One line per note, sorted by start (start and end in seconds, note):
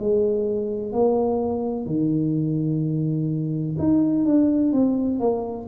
0.00 0.93 G#3
0.93 1.86 A#3
1.86 3.77 D#3
3.78 4.26 D#4
4.26 4.73 D4
4.73 5.20 C4
5.20 5.68 A#3